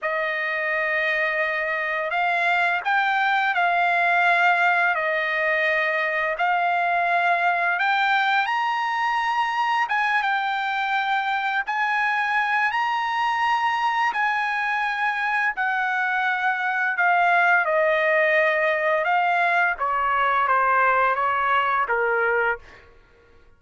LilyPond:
\new Staff \with { instrumentName = "trumpet" } { \time 4/4 \tempo 4 = 85 dis''2. f''4 | g''4 f''2 dis''4~ | dis''4 f''2 g''4 | ais''2 gis''8 g''4.~ |
g''8 gis''4. ais''2 | gis''2 fis''2 | f''4 dis''2 f''4 | cis''4 c''4 cis''4 ais'4 | }